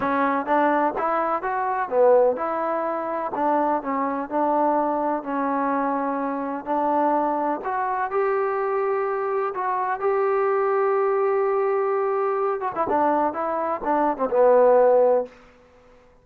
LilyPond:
\new Staff \with { instrumentName = "trombone" } { \time 4/4 \tempo 4 = 126 cis'4 d'4 e'4 fis'4 | b4 e'2 d'4 | cis'4 d'2 cis'4~ | cis'2 d'2 |
fis'4 g'2. | fis'4 g'2.~ | g'2~ g'8 fis'16 e'16 d'4 | e'4 d'8. c'16 b2 | }